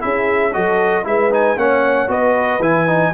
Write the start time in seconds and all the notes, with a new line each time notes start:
0.00 C#4 E4 G#4 E5
0.53 F#3 F#4 A4 D#5
1.04 G#3 E4 B4 E5
1.31 D#4 G#5
1.57 A#3 C#4 C#5 F#5
2.08 B3 F#4 B4 D#5
2.60 E3 E4 G#5
2.88 D#4